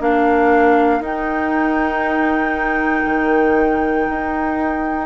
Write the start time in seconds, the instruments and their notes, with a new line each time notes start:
0.00 bassoon A#3, clarinet D4, oboe A#4, flute F5
1.00 bassoon D#4, clarinet D#4, flute G5
3.05 bassoon D#3
4.09 bassoon D#4